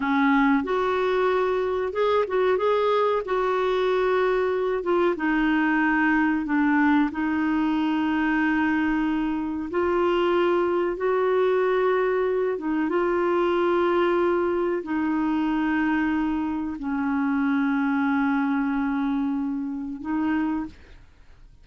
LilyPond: \new Staff \with { instrumentName = "clarinet" } { \time 4/4 \tempo 4 = 93 cis'4 fis'2 gis'8 fis'8 | gis'4 fis'2~ fis'8 f'8 | dis'2 d'4 dis'4~ | dis'2. f'4~ |
f'4 fis'2~ fis'8 dis'8 | f'2. dis'4~ | dis'2 cis'2~ | cis'2. dis'4 | }